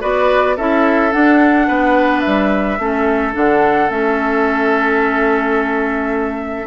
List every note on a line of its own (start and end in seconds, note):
0.00 0.57 B3
0.00 0.56 F#4
0.00 0.56 B4
0.00 0.57 D5
0.56 1.13 C#4
0.56 1.11 E4
0.56 1.67 A4
0.56 1.12 E5
1.11 2.78 D4
1.11 1.68 D4
1.11 2.20 F#5
1.67 2.24 B3
1.67 2.78 B4
2.20 3.31 E5
2.26 2.78 G3
2.78 3.34 A3
2.78 3.32 C#4
2.78 6.67 A4
3.32 3.90 D3
3.32 3.88 D4
3.32 3.90 F#5
3.89 6.67 A3
3.89 6.67 C#4
3.89 6.67 E5